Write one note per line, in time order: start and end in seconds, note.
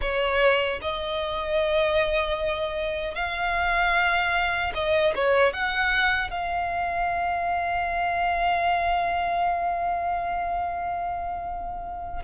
0.01 0.80 C#5
0.81 3.14 D#5
3.14 4.72 F5
4.74 5.13 D#5
5.15 5.53 C#5
5.53 6.30 F#5
6.30 12.22 F5